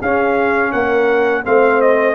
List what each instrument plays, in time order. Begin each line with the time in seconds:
0.00 tuba C#4, trombone C#4, horn G#4, trumpet F5
0.72 tuba A#3, horn A#4, trumpet F#5
1.44 tuba A3, trombone C4, horn C5, trumpet F5
1.81 trumpet D#5